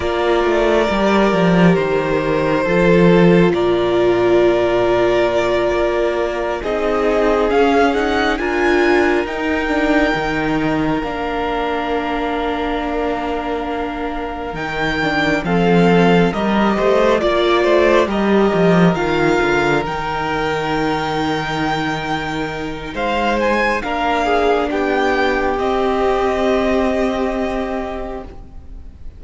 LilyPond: <<
  \new Staff \with { instrumentName = "violin" } { \time 4/4 \tempo 4 = 68 d''2 c''2 | d''2.~ d''8 dis''8~ | dis''8 f''8 fis''8 gis''4 g''4.~ | g''8 f''2.~ f''8~ |
f''8 g''4 f''4 dis''4 d''8~ | d''8 dis''4 f''4 g''4.~ | g''2 f''8 gis''8 f''4 | g''4 dis''2. | }
  \new Staff \with { instrumentName = "violin" } { \time 4/4 ais'2. a'4 | ais'2.~ ais'8 gis'8~ | gis'4. ais'2~ ais'8~ | ais'1~ |
ais'4. a'4 ais'8 c''8 d''8 | c''8 ais'2.~ ais'8~ | ais'2 c''4 ais'8 gis'8 | g'1 | }
  \new Staff \with { instrumentName = "viola" } { \time 4/4 f'4 g'2 f'4~ | f'2.~ f'8 dis'8~ | dis'8 cis'8 dis'8 f'4 dis'8 d'8 dis'8~ | dis'8 d'2.~ d'8~ |
d'8 dis'8 d'8 c'4 g'4 f'8~ | f'8 g'4 f'4 dis'4.~ | dis'2. d'4~ | d'4 c'2. | }
  \new Staff \with { instrumentName = "cello" } { \time 4/4 ais8 a8 g8 f8 dis4 f4 | ais,2~ ais,8 ais4 c'8~ | c'8 cis'4 d'4 dis'4 dis8~ | dis8 ais2.~ ais8~ |
ais8 dis4 f4 g8 a8 ais8 | a8 g8 f8 dis8 d8 dis4.~ | dis2 gis4 ais4 | b4 c'2. | }
>>